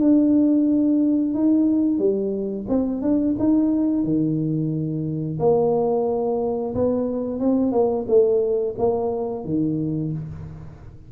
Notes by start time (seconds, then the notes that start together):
0.00 D4
1.35 D#4
1.99 G3
2.69 C4
3.02 D4
3.40 D#4
4.04 D#3
5.40 A#3
6.75 B3
7.40 C4
7.72 A#3
8.08 A3
8.79 A#3
9.45 D#3